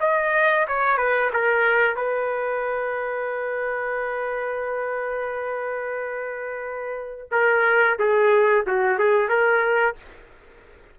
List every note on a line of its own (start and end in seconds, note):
0.00 0.67 D#5
0.68 0.97 C#5
0.97 1.30 B4
1.33 1.96 A#4
1.96 7.29 B4
7.31 7.98 A#4
7.98 8.65 G#4
8.67 8.98 F#4
8.98 9.29 G#4
9.29 9.95 A#4